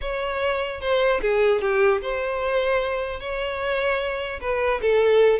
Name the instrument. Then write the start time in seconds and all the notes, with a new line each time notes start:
violin
0.01 C#5
0.81 C5
1.21 G#4
1.61 G4
2.01 C5
3.19 C#5
4.40 B4
4.81 A4